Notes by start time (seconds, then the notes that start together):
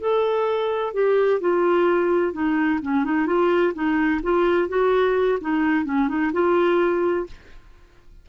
0.00 A4
0.94 G4
1.40 F4
2.33 D#4
2.82 C#4
3.04 D#4
3.26 F4
3.74 D#4
4.23 F4
4.69 F#4
5.41 D#4
5.85 C#4
6.08 D#4
6.33 F4